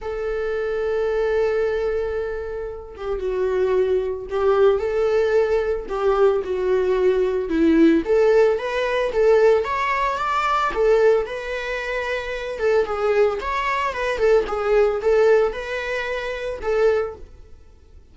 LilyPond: \new Staff \with { instrumentName = "viola" } { \time 4/4 \tempo 4 = 112 a'1~ | a'4. g'8 fis'2 | g'4 a'2 g'4 | fis'2 e'4 a'4 |
b'4 a'4 cis''4 d''4 | a'4 b'2~ b'8 a'8 | gis'4 cis''4 b'8 a'8 gis'4 | a'4 b'2 a'4 | }